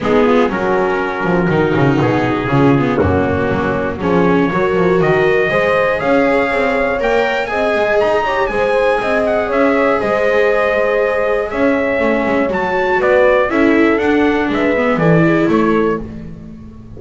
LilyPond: <<
  \new Staff \with { instrumentName = "trumpet" } { \time 4/4 \tempo 4 = 120 gis'4 ais'2. | gis'2 fis'2 | cis''2 dis''2 | f''2 g''4 gis''4 |
ais''4 gis''4. fis''8 e''4 | dis''2. e''4~ | e''4 a''4 d''4 e''4 | fis''4 e''4 d''4 cis''4 | }
  \new Staff \with { instrumentName = "horn" } { \time 4/4 dis'8 f'8 fis'2.~ | fis'4 f'4 cis'2 | gis'4 ais'2 c''4 | cis''2. dis''4~ |
dis''8 cis''8 c''4 dis''4 cis''4 | c''2. cis''4~ | cis''2 b'4 a'4~ | a'4 b'4 a'8 gis'8 a'4 | }
  \new Staff \with { instrumentName = "viola" } { \time 4/4 b4 cis'2 dis'4~ | dis'4 cis'8 b8 ais2 | cis'4 fis'2 gis'4~ | gis'2 ais'4 gis'4~ |
gis'8 g'8 gis'2.~ | gis'1 | cis'4 fis'2 e'4 | d'4. b8 e'2 | }
  \new Staff \with { instrumentName = "double bass" } { \time 4/4 gis4 fis4. f8 dis8 cis8 | b,4 cis4 fis,4 fis4 | f4 fis8 f8 dis4 gis4 | cis'4 c'4 ais4 c'8 gis8 |
dis'4 gis4 c'4 cis'4 | gis2. cis'4 | a8 gis8 fis4 b4 cis'4 | d'4 gis4 e4 a4 | }
>>